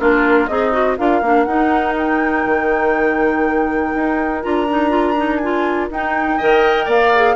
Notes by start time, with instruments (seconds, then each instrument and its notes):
0.00 bassoon A#3, clarinet D4, oboe F4, flute A#4
0.47 bassoon C4, oboe D#4, clarinet G#4, flute D#5
0.73 clarinet F#4
0.98 bassoon D4, clarinet F4, oboe A#4, flute F5
1.22 bassoon A#3, clarinet D4
1.44 bassoon D#4, clarinet D#4, flute F#5
1.98 flute G5
2.46 bassoon D#3
3.96 bassoon D#4
4.43 bassoon D4, clarinet F4, flute A#5
4.70 clarinet D#4
4.90 clarinet F4
5.18 clarinet D#4
5.37 clarinet F4, flute G#5
5.91 bassoon D#4, clarinet D#4, flute G5
6.38 bassoon D#3, clarinet A#4, oboe D#5
6.86 bassoon A#3, oboe D5, flute F5
7.16 clarinet G#4